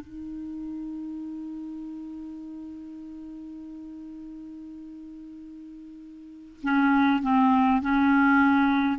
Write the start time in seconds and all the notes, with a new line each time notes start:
0.00 D#4
6.63 C#4
7.22 C4
7.81 C#4